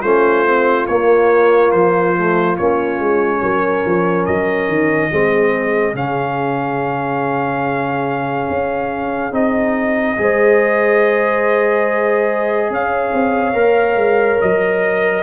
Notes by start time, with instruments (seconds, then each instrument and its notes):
0.00 tuba A3, trombone C#4, horn F4, trumpet C5
0.45 trombone C4
0.87 tuba A#3, trombone A#3, trumpet C#5
1.72 tuba F3, trumpet C5
2.16 trombone A3
2.57 tuba A#3, trombone C#4, trumpet C#5
2.99 tuba G#3
3.42 tuba F#3, horn A#4
3.85 tuba F3
4.26 tuba F#3, trumpet D#5
4.68 tuba D#3
5.11 tuba G#3, trombone C4, horn G#4
5.94 tuba C#3, trombone C#4, trumpet F5
8.50 tuba C#4
9.32 tuba C4, trombone D#4, trumpet D#5
10.18 tuba G#3, trombone G#4, horn C5
12.70 tuba C#4, horn C#5, trumpet F5
13.13 tuba C4
13.54 tuba A#3, trombone A#4
13.95 tuba G#3
14.41 tuba F#3, trumpet D#5